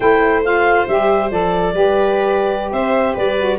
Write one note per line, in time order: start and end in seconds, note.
0.00 0.85 A3
0.00 0.44 E4
0.00 1.73 C5
0.00 0.42 G5
0.44 0.87 F4
0.44 0.87 F5
0.87 1.31 G3
0.87 1.30 G4
0.87 1.30 E5
1.30 1.74 F3
1.30 1.73 A4
1.30 2.72 D5
1.73 2.71 G3
1.73 3.36 G4
1.73 2.72 B4
2.72 3.15 C4
2.72 3.14 C5
2.72 3.15 E5
3.14 3.59 G3
3.14 3.58 B4
3.14 3.59 D5
3.37 3.58 F#4